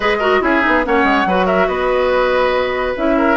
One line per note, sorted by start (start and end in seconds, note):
0.00 0.40 G#3
0.00 0.21 G#4
0.00 0.17 B4
0.00 0.42 D#5
0.19 0.41 F#4
0.19 0.40 A#4
0.41 0.63 C#4
0.41 0.61 E4
0.41 0.85 G#4
0.41 0.84 E5
0.61 0.86 B3
0.61 0.82 D#4
0.84 1.03 A#3
0.84 1.26 C#4
0.84 1.28 C#5
0.84 1.46 F#5
1.03 1.24 G#3
1.25 1.68 F#3
1.25 2.96 F#4
1.25 1.45 B4
1.45 1.67 A#4
1.45 1.68 E5
1.68 2.95 B3
1.68 3.16 B4
1.68 2.94 D#5
2.96 3.36 C#4
2.96 3.36 E4
2.96 3.36 E5
3.17 3.36 A#4